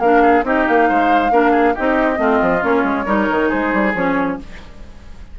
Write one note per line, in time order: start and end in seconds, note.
0.00 0.44 A#3
0.00 0.44 D4
0.00 0.23 A#4
0.00 0.44 F5
0.23 0.45 G#4
0.44 0.66 C4
0.44 1.32 D#4
0.44 0.89 G4
0.44 0.68 D#5
0.68 0.90 A#3
0.68 1.77 F5
0.89 1.31 G#3
0.89 1.32 C5
1.31 1.75 A#3
1.31 1.75 D4
1.31 1.51 A#4
1.51 1.73 G#4
1.75 2.19 C4
1.75 2.16 D#4
1.75 2.19 G4
1.75 2.65 D#5
2.16 2.40 A3
2.16 2.60 C4
2.16 3.06 F4
2.42 2.64 F3
2.62 2.84 A#3
2.62 3.06 C#4
2.62 3.51 C#5
2.84 3.06 G#3
3.06 3.28 G3
3.06 3.94 D#4
3.06 3.49 A#4
3.31 3.53 D#3
3.49 3.74 G#3
3.49 4.37 G#4
3.49 3.94 C5
3.74 3.95 G3
3.95 4.38 F3
3.95 4.39 C#4
3.95 4.40 C#5